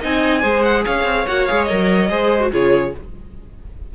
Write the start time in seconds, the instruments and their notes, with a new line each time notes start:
0.00 cello C4, viola D#4, violin D#5 G#5
0.41 cello G#3, viola G#4, violin C5
0.62 violin F#5
0.85 cello C#4, violin C#5 F5
1.03 cello C4
1.27 cello A#3, viola F#4, violin F#5
1.45 cello G#3, viola G#4, violin F5
1.64 viola A#4, violin D#5
1.71 cello F#3
2.09 cello G#3, viola G#4, violin C5
2.40 viola F#4
2.51 cello C#3, viola F4, violin G#4 C#5